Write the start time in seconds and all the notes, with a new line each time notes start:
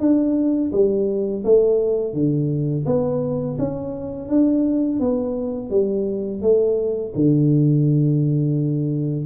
0.00 D4
0.72 G3
1.44 A3
2.14 D3
2.86 B3
3.59 C#4
4.29 D4
5.00 B3
5.71 G3
6.42 A3
7.15 D3